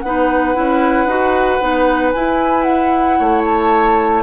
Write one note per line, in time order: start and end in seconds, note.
0.00 0.56 B3
0.00 0.55 D#4
0.00 3.19 B4
0.00 2.11 F#5
0.55 1.06 C#4
0.55 1.08 E4
1.06 1.59 D#4
1.06 1.61 F#4
1.61 2.14 B3
1.61 2.14 D#4
2.12 4.24 E4
2.12 3.20 E4
2.12 2.63 G#5
2.63 3.42 F#5
3.19 4.24 A3
3.19 4.24 C#5
3.46 4.24 A5